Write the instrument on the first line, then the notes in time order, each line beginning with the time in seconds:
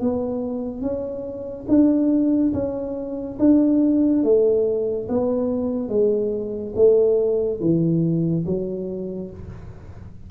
tuba
0.00 B3
0.81 C#4
1.68 D4
2.53 C#4
3.39 D4
4.23 A3
5.09 B3
5.88 G#3
6.75 A3
7.61 E3
8.46 F#3